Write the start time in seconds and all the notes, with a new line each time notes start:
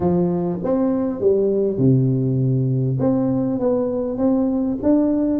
0.00 F3
0.63 C4
1.20 G3
1.78 C3
2.99 C4
3.59 B3
4.17 C4
4.82 D4